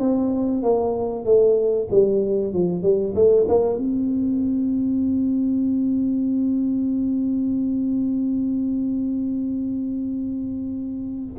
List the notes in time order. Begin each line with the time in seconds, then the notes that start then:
0.00 C4
0.63 A#3
1.25 A3
1.91 G3
2.53 F3
2.83 G3
3.16 A3
3.49 A#3
3.78 C4